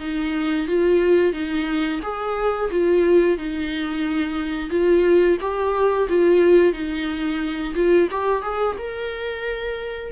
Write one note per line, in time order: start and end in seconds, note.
0.00 0.67 D#4
0.67 1.33 F4
1.33 2.00 D#4
2.03 2.70 G#4
2.71 3.38 F4
3.38 4.70 D#4
4.70 5.37 F4
5.41 6.09 G4
6.09 6.73 F4
6.73 7.74 D#4
7.75 8.09 F4
8.11 8.43 G4
8.43 8.76 G#4
8.78 10.12 A#4